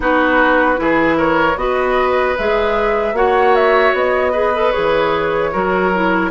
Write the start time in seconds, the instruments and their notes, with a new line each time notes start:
0.00 bassoon B3, clarinet D#4, oboe F#4, flute B4
0.76 bassoon E3, clarinet E4, oboe G#4
1.17 oboe A#4, flute C#5
1.55 bassoon B3, clarinet F#4, oboe B4, flute D#5
2.37 bassoon G#3, clarinet G#4, flute E5
3.12 bassoon A#3, clarinet F#4, oboe C#5, flute F#5
3.55 flute E5
3.93 bassoon B3, flute D#5
4.31 clarinet G#4, oboe B4
4.53 clarinet A4
4.71 clarinet G#4, flute C#5
4.77 bassoon E3
5.51 bassoon F#3, clarinet F#4, oboe A#4
5.94 clarinet E4